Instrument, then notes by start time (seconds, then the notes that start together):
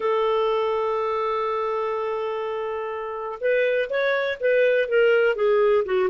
clarinet
0.00 A4
3.40 B4
3.89 C#5
4.39 B4
4.88 A#4
5.35 G#4
5.85 F#4